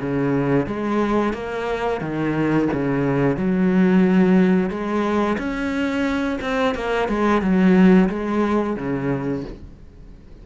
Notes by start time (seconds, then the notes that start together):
0.00 C#3
0.66 G#3
1.33 A#3
2.01 D#3
2.72 C#3
3.37 F#3
4.70 G#3
5.37 C#4
6.41 C4
6.75 A#3
7.08 G#3
7.41 F#3
8.09 G#3
8.76 C#3